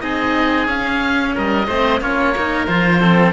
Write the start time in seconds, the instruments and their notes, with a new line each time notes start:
0.00 cello C4 D#4, oboe G#4 D#5
0.67 cello C#4, oboe F5
1.34 cello G3, oboe A#4 D#5
1.67 cello A3 C4, oboe C5
2.00 cello A#3 C#4, oboe F4 C#5
2.35 cello D#4, oboe A#4
2.66 cello F3 F4, oboe C5
3.00 cello C4, oboe A4